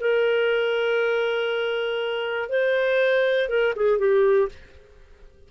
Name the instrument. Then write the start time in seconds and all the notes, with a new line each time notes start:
clarinet
0.00 A#4
2.49 C5
3.49 A#4
3.75 G#4
3.98 G4